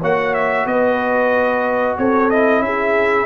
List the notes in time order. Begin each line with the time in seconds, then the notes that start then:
0.00 A#3 F#4 C#5 F#5
0.34 E5
0.65 B3 B4 D#5
1.97 C4 A4 C#5
2.29 E4 D#5
2.59 C#4 G#4 E5